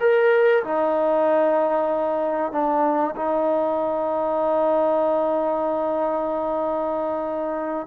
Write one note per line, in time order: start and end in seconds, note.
0.00 0.63 A#4
0.64 2.52 D#4
2.52 3.15 D4
3.16 7.87 D#4